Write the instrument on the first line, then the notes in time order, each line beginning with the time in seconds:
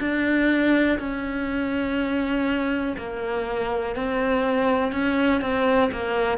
cello
0.00 D4
0.99 C#4
2.98 A#3
3.96 C4
4.92 C#4
5.41 C4
5.92 A#3